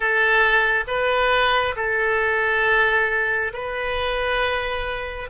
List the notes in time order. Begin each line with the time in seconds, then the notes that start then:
0.00 A4
0.87 B4
1.76 A4
3.53 B4